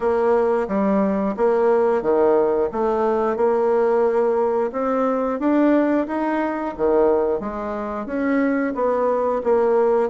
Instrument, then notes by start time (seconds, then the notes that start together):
bassoon
0.00 A#3
0.67 G3
1.36 A#3
2.01 D#3
2.72 A3
3.36 A#3
4.72 C4
5.39 D4
6.07 D#4
6.77 D#3
7.39 G#3
8.06 C#4
8.74 B3
9.44 A#3